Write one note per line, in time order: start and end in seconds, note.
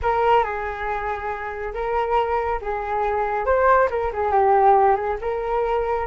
0.02 0.43 A#4
0.43 1.73 G#4
1.73 2.60 A#4
2.61 3.45 G#4
3.45 3.88 C5
3.90 4.12 A#4
4.12 4.31 G#4
4.31 4.95 G4
4.95 5.17 G#4
5.21 6.06 A#4